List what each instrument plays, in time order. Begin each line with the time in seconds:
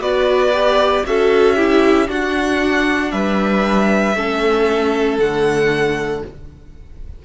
0.00 cello B3, viola F#4, violin B4 D5
0.53 viola G4
1.06 cello C#4, viola F#4, violin A4 E5
1.56 viola E4, violin G4
2.08 viola D4, cello D4, violin F#4 F#5
3.12 cello G3, violin B4 E5
4.16 cello A3, viola C#4, violin A4
5.19 cello D3, viola A3, violin F#5